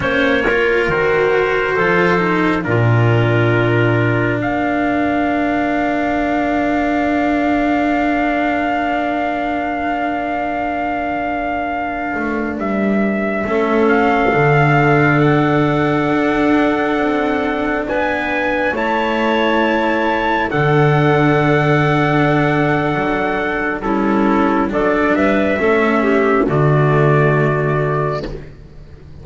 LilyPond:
<<
  \new Staff \with { instrumentName = "trumpet" } { \time 4/4 \tempo 4 = 68 cis''4 c''2 ais'4~ | ais'4 f''2.~ | f''1~ | f''2~ f''16 e''4. f''16~ |
f''4~ f''16 fis''2~ fis''8.~ | fis''16 gis''4 a''2 fis''8.~ | fis''2. a'4 | d''8 e''4. d''2 | }
  \new Staff \with { instrumentName = "clarinet" } { \time 4/4 c''8 ais'4. a'4 f'4~ | f'4 ais'2.~ | ais'1~ | ais'2.~ ais'16 a'8.~ |
a'1~ | a'16 b'4 cis''2 a'8.~ | a'2. e'4 | a'8 b'8 a'8 g'8 fis'2 | }
  \new Staff \with { instrumentName = "cello" } { \time 4/4 cis'8 f'8 fis'4 f'8 dis'8 d'4~ | d'1~ | d'1~ | d'2.~ d'16 cis'8.~ |
cis'16 d'2.~ d'8.~ | d'4~ d'16 e'2 d'8.~ | d'2. cis'4 | d'4 cis'4 a2 | }
  \new Staff \with { instrumentName = "double bass" } { \time 4/4 ais4 dis4 f4 ais,4~ | ais,4 ais2.~ | ais1~ | ais4.~ ais16 a8 g4 a8.~ |
a16 d2 d'4 c'8.~ | c'16 b4 a2 d8.~ | d2 fis4 g4 | fis8 g8 a4 d2 | }
>>